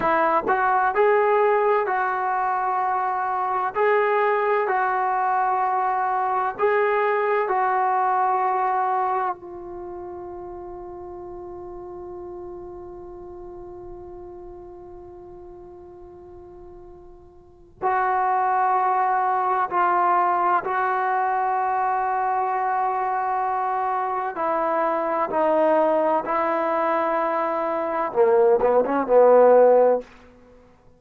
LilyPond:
\new Staff \with { instrumentName = "trombone" } { \time 4/4 \tempo 4 = 64 e'8 fis'8 gis'4 fis'2 | gis'4 fis'2 gis'4 | fis'2 f'2~ | f'1~ |
f'2. fis'4~ | fis'4 f'4 fis'2~ | fis'2 e'4 dis'4 | e'2 ais8 b16 cis'16 b4 | }